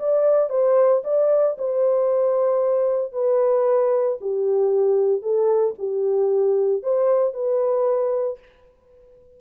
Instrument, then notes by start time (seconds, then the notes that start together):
horn
0.00 D5
0.50 C5
1.05 D5
1.59 C5
3.13 B4
4.22 G4
5.22 A4
5.79 G4
6.83 C5
7.34 B4